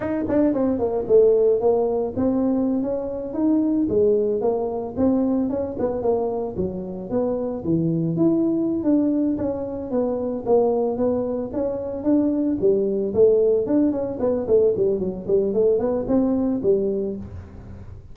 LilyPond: \new Staff \with { instrumentName = "tuba" } { \time 4/4 \tempo 4 = 112 dis'8 d'8 c'8 ais8 a4 ais4 | c'4~ c'16 cis'4 dis'4 gis8.~ | gis16 ais4 c'4 cis'8 b8 ais8.~ | ais16 fis4 b4 e4 e'8.~ |
e'8 d'4 cis'4 b4 ais8~ | ais8 b4 cis'4 d'4 g8~ | g8 a4 d'8 cis'8 b8 a8 g8 | fis8 g8 a8 b8 c'4 g4 | }